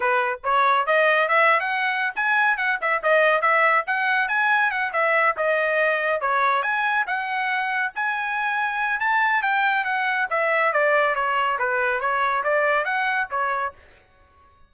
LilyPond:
\new Staff \with { instrumentName = "trumpet" } { \time 4/4 \tempo 4 = 140 b'4 cis''4 dis''4 e''8. fis''16~ | fis''4 gis''4 fis''8 e''8 dis''4 | e''4 fis''4 gis''4 fis''8 e''8~ | e''8 dis''2 cis''4 gis''8~ |
gis''8 fis''2 gis''4.~ | gis''4 a''4 g''4 fis''4 | e''4 d''4 cis''4 b'4 | cis''4 d''4 fis''4 cis''4 | }